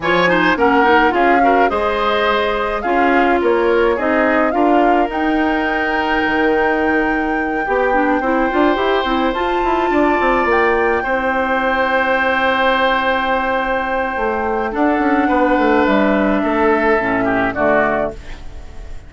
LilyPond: <<
  \new Staff \with { instrumentName = "flute" } { \time 4/4 \tempo 4 = 106 gis''4 fis''4 f''4 dis''4~ | dis''4 f''4 cis''4 dis''4 | f''4 g''2.~ | g''1~ |
g''8 a''2 g''4.~ | g''1~ | g''2 fis''2 | e''2. d''4 | }
  \new Staff \with { instrumentName = "oboe" } { \time 4/4 cis''8 c''8 ais'4 gis'8 ais'8 c''4~ | c''4 gis'4 ais'4 gis'4 | ais'1~ | ais'4. g'4 c''4.~ |
c''4. d''2 c''8~ | c''1~ | c''2 a'4 b'4~ | b'4 a'4. g'8 fis'4 | }
  \new Staff \with { instrumentName = "clarinet" } { \time 4/4 f'8 dis'8 cis'8 dis'8 f'8 fis'8 gis'4~ | gis'4 f'2 dis'4 | f'4 dis'2.~ | dis'4. g'8 d'8 e'8 f'8 g'8 |
e'8 f'2. e'8~ | e'1~ | e'2 d'2~ | d'2 cis'4 a4 | }
  \new Staff \with { instrumentName = "bassoon" } { \time 4/4 f4 ais4 cis'4 gis4~ | gis4 cis'4 ais4 c'4 | d'4 dis'2 dis4~ | dis4. b4 c'8 d'8 e'8 |
c'8 f'8 e'8 d'8 c'8 ais4 c'8~ | c'1~ | c'4 a4 d'8 cis'8 b8 a8 | g4 a4 a,4 d4 | }
>>